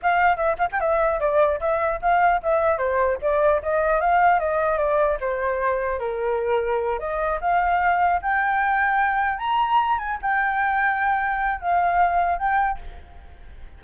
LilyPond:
\new Staff \with { instrumentName = "flute" } { \time 4/4 \tempo 4 = 150 f''4 e''8 f''16 g''16 e''4 d''4 | e''4 f''4 e''4 c''4 | d''4 dis''4 f''4 dis''4 | d''4 c''2 ais'4~ |
ais'4. dis''4 f''4.~ | f''8 g''2. ais''8~ | ais''4 gis''8 g''2~ g''8~ | g''4 f''2 g''4 | }